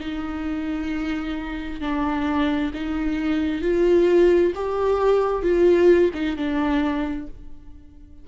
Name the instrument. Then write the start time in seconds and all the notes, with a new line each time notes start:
viola
0.00 D#4
1.81 D4
2.74 D#4
3.62 F4
4.55 G4
5.43 F4
6.14 D#4
6.36 D4